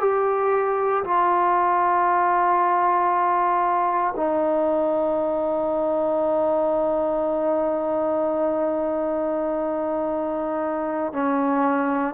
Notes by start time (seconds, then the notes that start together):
0.00 G4
1.04 F4
4.17 D#4
11.13 C#4